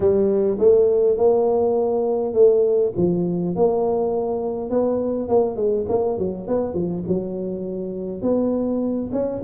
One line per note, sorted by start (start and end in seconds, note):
0.00 0.57 G3
0.59 1.17 A3
1.17 2.33 A#3
2.33 2.92 A3
2.97 3.55 F3
3.55 4.70 A#3
4.70 5.28 B3
5.28 5.56 A#3
5.56 5.85 G#3
5.89 6.18 A#3
6.18 6.47 F#3
6.47 6.74 B3
6.74 7.03 F3
7.07 8.22 F#3
8.22 9.10 B3
9.12 9.41 C#4